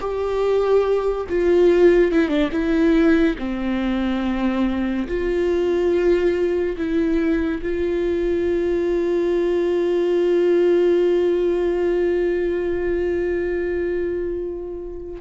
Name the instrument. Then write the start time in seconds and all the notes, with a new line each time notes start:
viola
0.00 G4
1.29 F4
2.12 E4
2.29 D4
2.52 E4
3.38 C4
5.07 F4
6.77 E4
7.62 F4